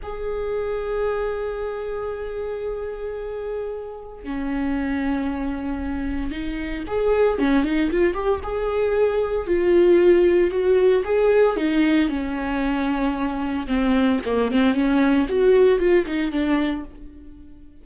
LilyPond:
\new Staff \with { instrumentName = "viola" } { \time 4/4 \tempo 4 = 114 gis'1~ | gis'1 | cis'1 | dis'4 gis'4 cis'8 dis'8 f'8 g'8 |
gis'2 f'2 | fis'4 gis'4 dis'4 cis'4~ | cis'2 c'4 ais8 c'8 | cis'4 fis'4 f'8 dis'8 d'4 | }